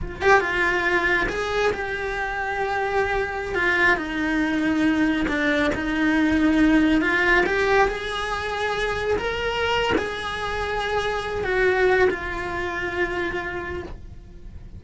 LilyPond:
\new Staff \with { instrumentName = "cello" } { \time 4/4 \tempo 4 = 139 f'8 g'8 f'2 gis'4 | g'1~ | g'16 f'4 dis'2~ dis'8.~ | dis'16 d'4 dis'2~ dis'8.~ |
dis'16 f'4 g'4 gis'4.~ gis'16~ | gis'4~ gis'16 ais'4.~ ais'16 gis'4~ | gis'2~ gis'8 fis'4. | f'1 | }